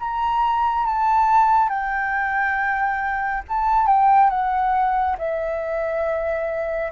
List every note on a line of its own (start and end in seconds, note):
0.00 0.86 A#5
0.86 1.70 A5
1.70 3.43 G5
3.49 3.87 A5
3.87 4.30 G5
4.30 5.17 F#5
5.19 6.92 E5